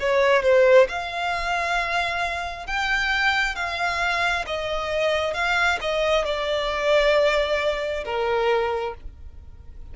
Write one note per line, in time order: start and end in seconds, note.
0.00 0.43 C#5
0.43 0.88 C5
0.89 2.67 F5
2.67 3.56 G5
3.56 4.45 F5
4.47 5.34 D#5
5.34 5.79 F5
5.82 6.25 D#5
6.25 8.04 D5
8.05 8.95 A#4